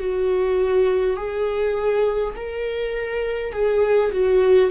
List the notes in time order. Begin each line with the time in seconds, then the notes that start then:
0.00 F#4
1.17 G#4
2.36 A#4
3.53 G#4
4.12 F#4